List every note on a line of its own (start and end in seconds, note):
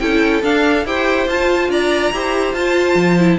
0.00 0.43 C#4
0.00 0.43 E4
0.00 0.87 A4
0.00 0.42 G5
0.43 0.85 D4
0.43 0.86 F5
0.85 1.27 E4
0.85 1.28 G4
0.85 1.70 C5
0.85 1.28 G5
1.28 1.69 F4
1.28 2.13 F4
1.28 1.71 A5
1.69 2.12 D4
1.69 2.12 D5
1.69 2.54 A#5
2.12 2.53 E4
2.12 2.56 G4
2.12 3.39 C5
2.53 2.95 F4
2.53 3.19 F4
2.53 3.39 A5
2.95 3.38 F3
3.19 3.39 E4